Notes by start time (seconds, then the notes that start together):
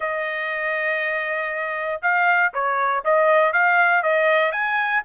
0.00 D#5
2.02 F5
2.53 C#5
3.04 D#5
3.52 F5
4.02 D#5
4.51 G#5